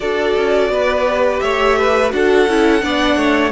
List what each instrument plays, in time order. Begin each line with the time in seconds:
0.00 cello D4, viola F#4, violin A4 D5
0.37 cello C#4
0.69 cello B3, violin B4
1.07 viola G4
1.39 cello A3, violin C#5 E5
1.77 violin B4
2.11 cello D4, viola F#4, violin A4 F#5
2.47 cello C#4, viola E4
2.81 cello B3, viola D4, violin D5
3.16 cello A3, violin C#5